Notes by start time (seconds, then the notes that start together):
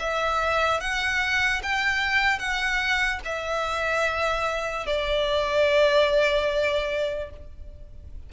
0.00 E5
0.81 F#5
1.63 G5
2.39 F#5
3.25 E5
4.87 D5